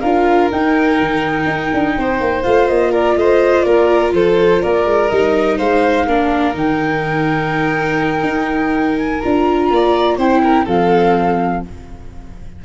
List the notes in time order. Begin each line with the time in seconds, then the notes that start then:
0.00 D4 F4 A#4 F5
0.51 D#4 G5
1.00 D#3
1.46 D#4
1.73 D4
1.97 C4 C5
2.20 A#3
2.43 A3 F4 F5
2.67 A#3 D#5
2.91 A#4 D5
3.16 A3 C5 D#5
3.62 A#3 A#4 D5
4.12 F3 A4 C5
4.62 A#3 A#4 D5
4.85 G#3
5.08 G3 D#4 D#5
5.57 G#3 C5 F5
6.06 A#3 D4 A#4
6.53 D#3 D#4 G5
8.23 D#4
8.97 G#5
9.20 D4 F4 A#5
9.70 A#3 D5
10.17 C4 E4 C5 G5
10.43 A#4
10.65 F3 C4 A4 F5